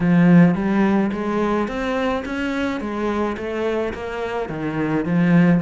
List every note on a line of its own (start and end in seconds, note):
0.00 0.55 F3
0.55 1.11 G3
1.12 1.68 G#3
1.68 2.24 C4
2.25 2.80 C#4
2.80 3.36 G#3
3.37 3.93 A3
3.93 4.49 A#3
4.49 5.05 D#3
5.05 5.61 F3